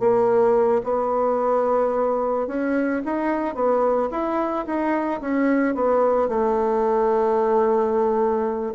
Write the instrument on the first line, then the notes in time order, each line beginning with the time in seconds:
bassoon
0.00 A#3
0.84 B3
2.47 C#4
3.05 D#4
3.55 B3
4.11 E4
4.66 D#4
5.21 C#4
5.75 B3
6.29 A3